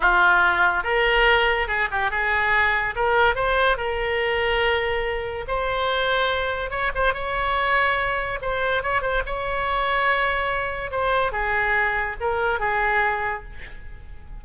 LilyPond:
\new Staff \with { instrumentName = "oboe" } { \time 4/4 \tempo 4 = 143 f'2 ais'2 | gis'8 g'8 gis'2 ais'4 | c''4 ais'2.~ | ais'4 c''2. |
cis''8 c''8 cis''2. | c''4 cis''8 c''8 cis''2~ | cis''2 c''4 gis'4~ | gis'4 ais'4 gis'2 | }